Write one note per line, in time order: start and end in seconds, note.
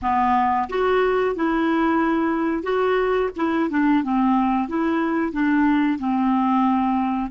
0.02 0.68 B3
0.69 1.35 F#4
1.35 2.63 E4
2.63 3.30 F#4
3.36 3.69 E4
3.70 4.03 D4
4.03 4.68 C4
4.68 5.32 E4
5.32 5.98 D4
5.98 7.31 C4